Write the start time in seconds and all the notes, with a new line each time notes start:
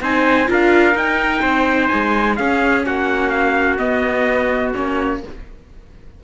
0.00 C4 D#4 C5 G#5
0.46 D4 F4 A#4 F5
0.94 D#4 G5
1.41 C4 C5
1.87 G#3 G#5
2.35 C#4 G#4 F5
2.85 A#3 F#4 F#5
3.29 F5
3.78 B3 D#5
4.74 A#3 C#4 C#5